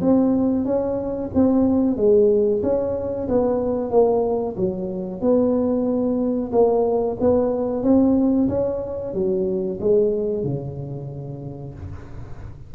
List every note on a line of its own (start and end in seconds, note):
0.00 0.64 C4
0.64 1.30 C#4
1.34 1.96 C4
1.96 2.61 G#3
2.62 3.27 C#4
3.28 3.90 B3
3.90 4.55 A#3
4.56 5.21 F#3
5.21 6.51 B3
6.52 7.17 A#3
7.20 7.83 B3
7.83 8.48 C4
8.48 9.13 C#4
9.13 9.78 F#3
9.80 10.43 G#3
10.43 11.74 C#3